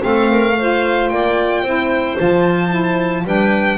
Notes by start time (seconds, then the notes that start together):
0.00 A3 C4 A4 F5
0.30 A#4
0.58 F4 C5
1.09 A#3 D5 G5
1.63 C4 E4 C5
2.17 F3 F4 A5
2.69 E4
3.24 G3 D4 B4 G5